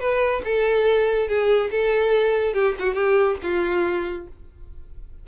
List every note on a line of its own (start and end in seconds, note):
0.00 0.42 B4
0.45 1.28 A4
1.28 1.70 G#4
1.71 2.54 A4
2.54 2.75 G4
2.79 2.94 F#4
2.94 3.36 G4
3.43 4.27 F4